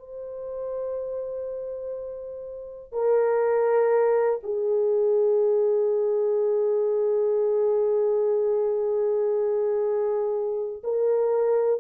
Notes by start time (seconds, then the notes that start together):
0.00 C5
2.93 A#4
4.44 G#4
10.84 A#4